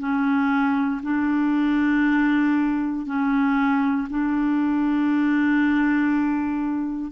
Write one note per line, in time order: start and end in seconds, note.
0.00 1.02 C#4
1.03 3.06 D4
3.06 4.08 C#4
4.10 7.12 D4